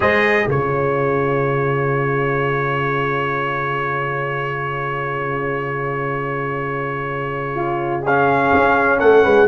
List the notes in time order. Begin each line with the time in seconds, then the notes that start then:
0.00 G#3 G#4 C5 D#5
0.47 C#3 F4 G#4 C#5
7.55 F4
8.02 C#4 G#4 F5
8.53 C#4
8.99 A3 A4 F#5
9.23 G#3 B4